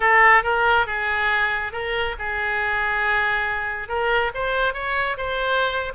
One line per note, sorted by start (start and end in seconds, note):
0.00 0.43 A4
0.43 0.86 A#4
0.86 1.72 G#4
1.72 2.15 A#4
2.18 3.88 G#4
3.88 4.31 A#4
4.34 4.73 C5
4.73 5.16 C#5
5.17 5.92 C5